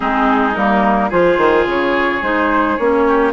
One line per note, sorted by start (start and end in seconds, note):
0.00 0.55 G#3
0.00 0.53 C4
0.00 1.09 D#4
0.00 0.54 G#4
0.54 1.11 G3
0.54 1.10 A#3
0.54 1.10 A#4
1.09 1.37 F3
1.09 2.21 F4
1.09 3.03 G#4
1.09 1.67 C5
1.37 1.65 D#3
1.66 2.21 C#3
1.66 2.23 C#5
2.21 2.77 G#3
2.21 2.78 D#4
2.21 2.77 C5
2.77 3.33 A#3
2.77 3.33 C#4
2.77 3.32 C#5
3.08 3.33 G4